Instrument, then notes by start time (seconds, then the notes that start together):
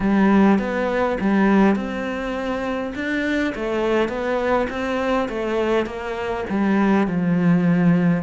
cello
0.00 G3
0.59 B3
1.20 G3
1.75 C4
2.95 D4
3.55 A3
4.09 B3
4.69 C4
5.29 A3
5.86 A#3
6.49 G3
7.07 F3